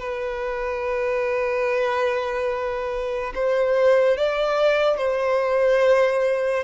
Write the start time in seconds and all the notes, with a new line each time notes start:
0.00 B4
3.35 C5
4.17 D5
4.98 C5